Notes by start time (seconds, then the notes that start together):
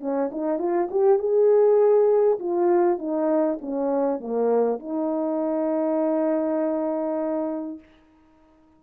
0.00 C#4
0.31 D#4
0.59 F4
0.91 G4
1.19 G#4
2.39 F4
2.98 D#4
3.61 C#4
4.20 A#3
4.79 D#4